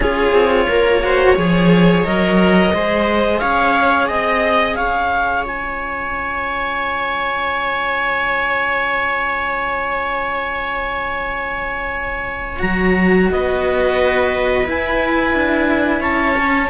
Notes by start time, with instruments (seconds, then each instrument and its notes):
0.00 cello C#4 F4, viola G#4, clarinet C#5
0.32 cello C4
0.67 cello A#3, viola A#4
1.01 cello F#4, viola C5
1.34 cello F3 G#4, viola C#5
2.04 cello F#3 A#4, clarinet D#5
2.72 cello G#3 G#4, viola C5
3.38 cello C#4, viola C#5, clarinet F5
4.07 cello C4, viola D#5, clarinet D#5
4.75 cello C#4, viola C#5, clarinet F5
5.44 cello F4, clarinet G#5
12.59 cello F#3 F#4, clarinet A#5
13.31 cello B3, viola B4, clarinet D#5
14.64 cello E4, clarinet G#5
15.34 cello D4
16.00 cello C#4, viola C#5, clarinet A5
16.36 cello C#4